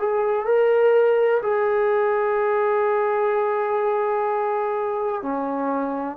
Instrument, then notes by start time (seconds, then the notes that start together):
trombone
0.00 G#4
0.46 A#4
1.43 G#4
5.23 C#4